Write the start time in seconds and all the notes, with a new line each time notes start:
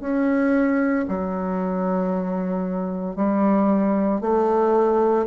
0.00 C#4
1.08 F#3
3.15 G3
4.21 A3